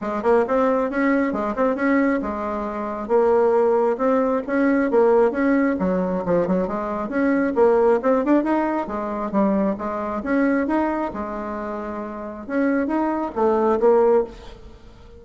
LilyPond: \new Staff \with { instrumentName = "bassoon" } { \time 4/4 \tempo 4 = 135 gis8 ais8 c'4 cis'4 gis8 c'8 | cis'4 gis2 ais4~ | ais4 c'4 cis'4 ais4 | cis'4 fis4 f8 fis8 gis4 |
cis'4 ais4 c'8 d'8 dis'4 | gis4 g4 gis4 cis'4 | dis'4 gis2. | cis'4 dis'4 a4 ais4 | }